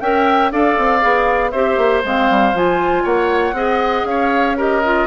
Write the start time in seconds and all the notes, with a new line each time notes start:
0.00 C#4 A#4 E5 G5
0.51 D4 A4 D5 F5
0.77 C4
1.00 B3 G#4
1.51 C4 G4 C5 E5
1.77 A#3
2.04 G#3 C4 F5
2.29 G3
2.53 F3 F4 G#5
3.03 A#3 C#5 F#5
3.52 C4 G#4 D#5
4.04 C#4 F5
4.10 C#5
4.56 G4 A#4 D#5
4.84 F4